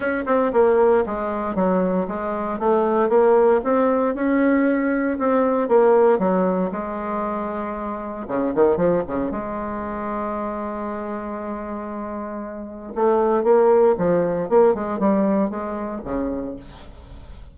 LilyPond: \new Staff \with { instrumentName = "bassoon" } { \time 4/4 \tempo 4 = 116 cis'8 c'8 ais4 gis4 fis4 | gis4 a4 ais4 c'4 | cis'2 c'4 ais4 | fis4 gis2. |
cis8 dis8 f8 cis8 gis2~ | gis1~ | gis4 a4 ais4 f4 | ais8 gis8 g4 gis4 cis4 | }